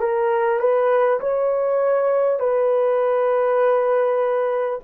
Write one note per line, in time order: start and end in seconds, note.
0.00 0.59 A#4
0.59 1.19 B4
1.20 2.39 C#5
2.39 4.79 B4